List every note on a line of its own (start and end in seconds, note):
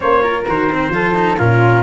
0.00 0.48 A#3
0.00 0.21 C#4
0.00 0.22 C5
0.00 0.45 C#5
0.22 0.45 F4
0.22 0.91 A#4
0.47 0.89 D#3
0.47 0.71 F#4
0.47 1.38 C5
0.72 0.93 C4
0.89 1.35 F3
0.89 1.14 F4
0.89 1.38 A4
1.14 1.37 D#4
1.38 1.82 A#2
1.38 1.82 C#4
1.38 1.82 F4
1.38 1.82 A#4